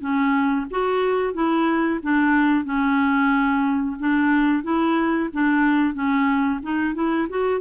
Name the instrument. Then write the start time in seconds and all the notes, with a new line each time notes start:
clarinet
0.00 C#4
0.70 F#4
1.34 E4
2.02 D4
2.64 C#4
3.99 D4
4.63 E4
5.33 D4
5.94 C#4
6.62 D#4
6.94 E4
7.29 F#4